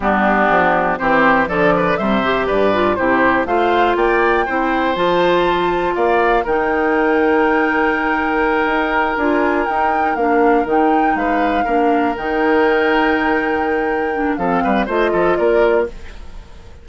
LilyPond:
<<
  \new Staff \with { instrumentName = "flute" } { \time 4/4 \tempo 4 = 121 g'2 c''4 d''4 | e''4 d''4 c''4 f''4 | g''2 a''2 | f''4 g''2.~ |
g''2~ g''8 gis''4 g''8~ | g''8 f''4 g''4 f''4.~ | f''8 g''2.~ g''8~ | g''4 f''4 dis''4 d''4 | }
  \new Staff \with { instrumentName = "oboe" } { \time 4/4 d'2 g'4 a'8 b'8 | c''4 b'4 g'4 c''4 | d''4 c''2. | d''4 ais'2.~ |
ais'1~ | ais'2~ ais'8 b'4 ais'8~ | ais'1~ | ais'4 a'8 b'8 c''8 a'8 ais'4 | }
  \new Staff \with { instrumentName = "clarinet" } { \time 4/4 b2 c'4 f4 | g8 g'4 f'8 e'4 f'4~ | f'4 e'4 f'2~ | f'4 dis'2.~ |
dis'2~ dis'8 f'4 dis'8~ | dis'8 d'4 dis'2 d'8~ | d'8 dis'2.~ dis'8~ | dis'8 d'8 c'4 f'2 | }
  \new Staff \with { instrumentName = "bassoon" } { \time 4/4 g4 f4 e4 d4 | c4 g,4 c4 a4 | ais4 c'4 f2 | ais4 dis2.~ |
dis4. dis'4 d'4 dis'8~ | dis'8 ais4 dis4 gis4 ais8~ | ais8 dis2.~ dis8~ | dis4 f8 g8 a8 f8 ais4 | }
>>